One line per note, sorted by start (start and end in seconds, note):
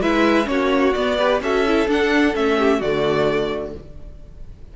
0.00 0.47 G#3
0.00 0.44 E4
0.00 0.48 B4
0.00 0.47 E5
0.44 0.94 A#3
0.44 0.91 C#4
0.44 0.93 C#5
0.51 1.18 F#4
0.93 1.40 B3
0.93 1.18 B3
0.93 1.40 D5
1.18 1.42 G4
1.18 1.41 B4
1.40 1.87 C#4
1.40 1.66 F#4
1.40 2.58 A4
1.40 1.89 E5
1.66 1.88 E4
1.88 2.34 D4
1.88 2.35 F#5
2.34 2.81 A3
2.34 2.80 C#4
2.34 2.81 E5
2.58 2.78 G4
2.78 3.74 D3
2.78 3.76 A3
2.78 3.72 F#4
2.78 3.74 D5